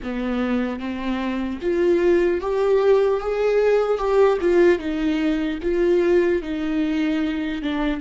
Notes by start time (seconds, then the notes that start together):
0.03 B3
0.79 C4
1.61 F4
2.40 G4
3.20 G#4
3.97 G4
4.40 F4
4.79 D#4
5.62 F4
6.42 D#4
7.62 D4